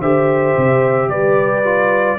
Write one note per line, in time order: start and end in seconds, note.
0.00 0.55 D3
0.00 1.64 G4
0.00 1.09 C5
0.00 1.09 E5
0.56 1.07 C3
1.07 2.17 G3
1.07 2.18 B4
1.07 2.18 D5
1.64 2.18 F4